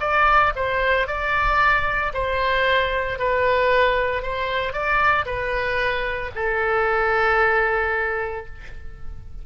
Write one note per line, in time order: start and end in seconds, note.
0.00 0.53 D5
0.56 1.07 C5
1.07 2.12 D5
2.13 3.19 C5
3.19 4.22 B4
4.22 4.72 C5
4.72 5.25 D5
5.25 6.31 B4
6.35 8.45 A4